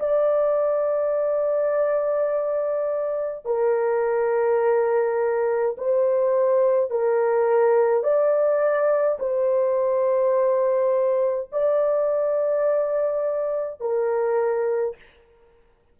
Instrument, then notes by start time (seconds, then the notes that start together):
horn
0.00 D5
3.46 A#4
5.78 C5
6.91 A#4
8.03 D5
9.19 C5
11.52 D5
13.80 A#4